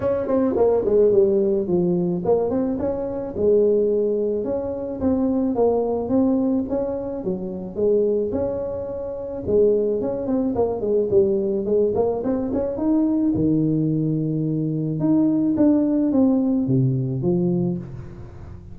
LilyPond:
\new Staff \with { instrumentName = "tuba" } { \time 4/4 \tempo 4 = 108 cis'8 c'8 ais8 gis8 g4 f4 | ais8 c'8 cis'4 gis2 | cis'4 c'4 ais4 c'4 | cis'4 fis4 gis4 cis'4~ |
cis'4 gis4 cis'8 c'8 ais8 gis8 | g4 gis8 ais8 c'8 cis'8 dis'4 | dis2. dis'4 | d'4 c'4 c4 f4 | }